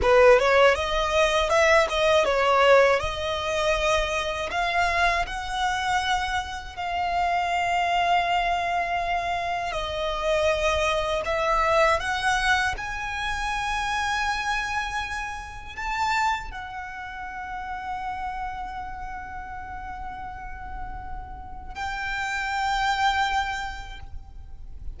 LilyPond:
\new Staff \with { instrumentName = "violin" } { \time 4/4 \tempo 4 = 80 b'8 cis''8 dis''4 e''8 dis''8 cis''4 | dis''2 f''4 fis''4~ | fis''4 f''2.~ | f''4 dis''2 e''4 |
fis''4 gis''2.~ | gis''4 a''4 fis''2~ | fis''1~ | fis''4 g''2. | }